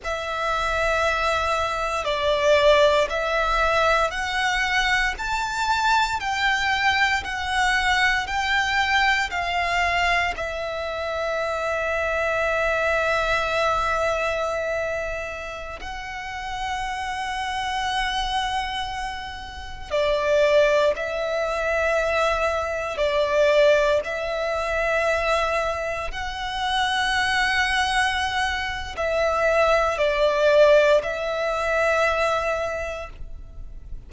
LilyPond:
\new Staff \with { instrumentName = "violin" } { \time 4/4 \tempo 4 = 58 e''2 d''4 e''4 | fis''4 a''4 g''4 fis''4 | g''4 f''4 e''2~ | e''2.~ e''16 fis''8.~ |
fis''2.~ fis''16 d''8.~ | d''16 e''2 d''4 e''8.~ | e''4~ e''16 fis''2~ fis''8. | e''4 d''4 e''2 | }